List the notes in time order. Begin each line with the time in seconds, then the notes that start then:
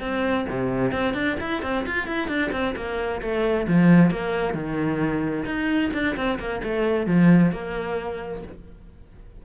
0.00 C4
0.49 C3
0.92 C4
1.14 D4
1.40 E4
1.63 C4
1.86 F4
2.07 E4
2.28 D4
2.52 C4
2.76 A#3
3.21 A3
3.68 F3
4.11 A#3
4.54 D#3
5.45 D#4
5.93 D4
6.16 C4
6.39 A#3
6.63 A3
7.07 F3
7.52 A#3